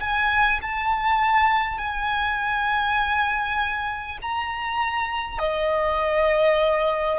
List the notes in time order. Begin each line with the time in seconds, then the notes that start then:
0.00 G#5
0.62 A5
1.78 G#5
4.22 A#5
5.39 D#5